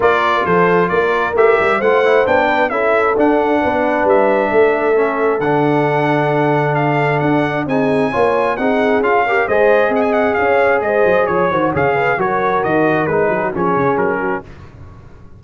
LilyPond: <<
  \new Staff \with { instrumentName = "trumpet" } { \time 4/4 \tempo 4 = 133 d''4 c''4 d''4 e''4 | fis''4 g''4 e''4 fis''4~ | fis''4 e''2. | fis''2. f''4 |
fis''4 gis''2 fis''4 | f''4 dis''4 fis''16 gis''16 fis''8 f''4 | dis''4 cis''4 f''4 cis''4 | dis''4 b'4 cis''4 ais'4 | }
  \new Staff \with { instrumentName = "horn" } { \time 4/4 ais'4 a'4 ais'2 | c''4. b'8 a'2 | b'2 a'2~ | a'1~ |
a'4 gis'4 cis''4 gis'4~ | gis'8 ais'8 c''4 dis''4 cis''4 | c''4 cis''8 c''8 cis''8 b'8 ais'4~ | ais'4. gis'16 fis'16 gis'4. fis'8 | }
  \new Staff \with { instrumentName = "trombone" } { \time 4/4 f'2. g'4 | f'8 e'8 d'4 e'4 d'4~ | d'2. cis'4 | d'1~ |
d'4 dis'4 f'4 dis'4 | f'8 g'8 gis'2.~ | gis'4. fis'8 gis'4 fis'4~ | fis'4 dis'4 cis'2 | }
  \new Staff \with { instrumentName = "tuba" } { \time 4/4 ais4 f4 ais4 a8 g8 | a4 b4 cis'4 d'4 | b4 g4 a2 | d1 |
d'4 c'4 ais4 c'4 | cis'4 gis4 c'4 cis'4 | gis8 fis8 f8 dis8 cis4 fis4 | dis4 gis8 fis8 f8 cis8 fis4 | }
>>